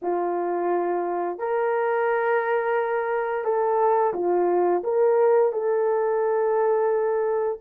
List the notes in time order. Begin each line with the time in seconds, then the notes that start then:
0.02 F4
1.38 A#4
3.44 A4
4.13 F4
4.83 A#4
5.52 A4